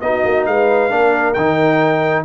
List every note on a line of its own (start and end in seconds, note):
0.00 0.24 B3
0.00 0.90 D#4
0.00 0.44 D#5
0.06 0.49 F#4
0.24 0.46 A#3
0.46 0.90 G#3
0.46 0.92 B4
0.46 1.33 F5
0.90 1.35 A#3
0.90 1.34 D4
0.90 2.24 A#4
1.33 2.24 D#3
1.33 2.24 D#4
1.33 2.22 G5